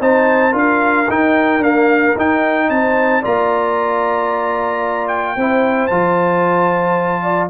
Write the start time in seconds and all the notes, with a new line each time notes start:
0.00 C4 D#4 C5 A5
0.51 D4 F4 A#4 F5
1.09 D#4 G5
1.58 A#3 D4 F5
2.16 D#4 G5
2.69 C4 C5 A5
3.21 A#3 F4 D5 A#5
5.07 G5
5.36 C4 E4 C5
5.86 F3 F4 A5
7.22 D5